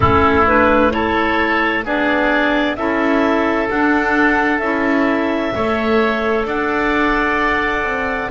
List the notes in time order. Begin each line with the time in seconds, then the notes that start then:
0.00 A3 C#4 E4 A4
0.47 D4 B4
0.90 E4 A4 C#5
1.84 B3 D4 G#4 D5
2.75 C#4 E4 A4 E5
3.68 D4 F#5
4.58 C#4 E4 E5
5.53 A3 A4 C#5
6.45 D4 D5 F#5
7.83 C4